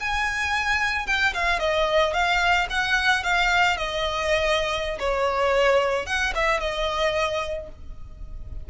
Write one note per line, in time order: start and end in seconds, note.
0.00 1.07 G#5
1.07 1.34 G5
1.34 1.60 F5
1.60 2.14 D#5
2.14 2.68 F5
2.70 3.24 F#5
3.24 3.77 F5
3.77 4.99 D#5
4.99 6.06 C#5
6.06 6.33 F#5
6.35 6.61 E5
6.61 7.69 D#5